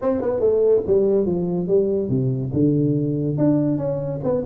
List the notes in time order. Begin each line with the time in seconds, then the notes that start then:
0.01 C4
0.21 B3
0.40 A3
0.86 G3
1.26 F3
1.67 G3
2.09 C3
2.53 D3
3.37 D4
3.77 C#4
4.23 B3